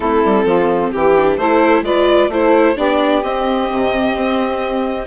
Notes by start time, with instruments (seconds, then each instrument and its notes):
0.00 bassoon A3, viola C4, saxophone E4, violin A4
0.24 bassoon G3
0.44 bassoon F3, saxophone F4
0.91 bassoon E3, violin G4, saxophone G4
1.16 viola D4
1.36 bassoon A3, viola E4, saxophone A4, violin C5
1.82 bassoon G#3, viola F4, saxophone B4, violin D5
2.28 bassoon A3, viola E4, violin C5
2.34 saxophone A4
2.76 bassoon B3, viola D4, saxophone G4, violin D5
3.23 bassoon C4, viola C4, violin D#5
3.71 bassoon C3
4.15 bassoon C4